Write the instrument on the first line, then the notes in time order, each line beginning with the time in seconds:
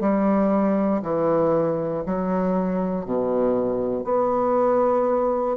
bassoon
0.00 G3
1.02 E3
2.06 F#3
3.06 B2
4.04 B3